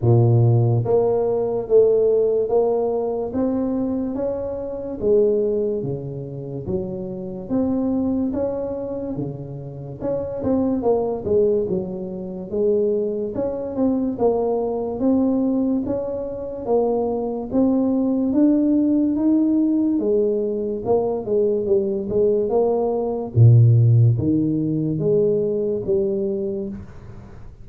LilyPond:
\new Staff \with { instrumentName = "tuba" } { \time 4/4 \tempo 4 = 72 ais,4 ais4 a4 ais4 | c'4 cis'4 gis4 cis4 | fis4 c'4 cis'4 cis4 | cis'8 c'8 ais8 gis8 fis4 gis4 |
cis'8 c'8 ais4 c'4 cis'4 | ais4 c'4 d'4 dis'4 | gis4 ais8 gis8 g8 gis8 ais4 | ais,4 dis4 gis4 g4 | }